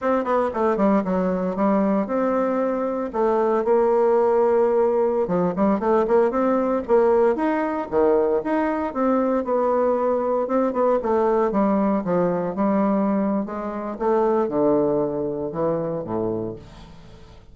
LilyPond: \new Staff \with { instrumentName = "bassoon" } { \time 4/4 \tempo 4 = 116 c'8 b8 a8 g8 fis4 g4 | c'2 a4 ais4~ | ais2~ ais16 f8 g8 a8 ais16~ | ais16 c'4 ais4 dis'4 dis8.~ |
dis16 dis'4 c'4 b4.~ b16~ | b16 c'8 b8 a4 g4 f8.~ | f16 g4.~ g16 gis4 a4 | d2 e4 a,4 | }